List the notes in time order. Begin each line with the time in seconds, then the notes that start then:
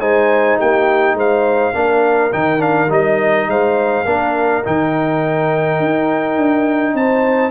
0.00 G#3 D#4 C5 G#5
0.58 A#3 G4 G5
1.14 G#3 C5 F5
1.73 A#3 D4 A#4
2.32 D#3 D#4 G5
2.59 D4 F5
2.90 G3 D#4 D#5
3.47 G#3 C5 F5
4.05 A#3 D4 A#4
4.64 D#3 D#4 G5
5.79 D#4
6.37 D4
6.94 C4 C5 A5